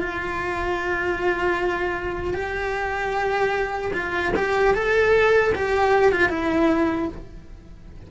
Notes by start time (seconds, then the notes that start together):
0.00 F4
2.34 G4
3.94 F4
4.36 G4
4.74 A4
5.55 G4
6.12 F4
6.29 E4